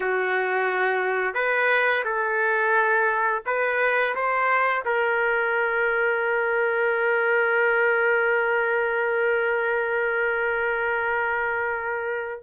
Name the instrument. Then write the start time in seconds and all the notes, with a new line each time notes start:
trumpet
0.00 F#4
1.34 B4
2.04 A4
3.45 B4
4.15 C5
4.85 A#4